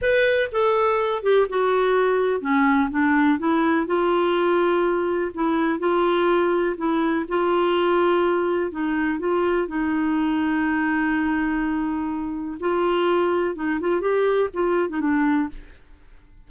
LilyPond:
\new Staff \with { instrumentName = "clarinet" } { \time 4/4 \tempo 4 = 124 b'4 a'4. g'8 fis'4~ | fis'4 cis'4 d'4 e'4 | f'2. e'4 | f'2 e'4 f'4~ |
f'2 dis'4 f'4 | dis'1~ | dis'2 f'2 | dis'8 f'8 g'4 f'8. dis'16 d'4 | }